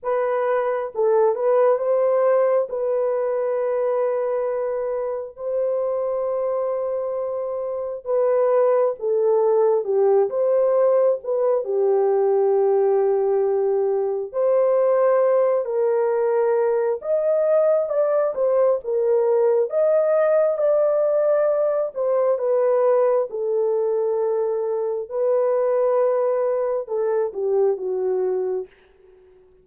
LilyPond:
\new Staff \with { instrumentName = "horn" } { \time 4/4 \tempo 4 = 67 b'4 a'8 b'8 c''4 b'4~ | b'2 c''2~ | c''4 b'4 a'4 g'8 c''8~ | c''8 b'8 g'2. |
c''4. ais'4. dis''4 | d''8 c''8 ais'4 dis''4 d''4~ | d''8 c''8 b'4 a'2 | b'2 a'8 g'8 fis'4 | }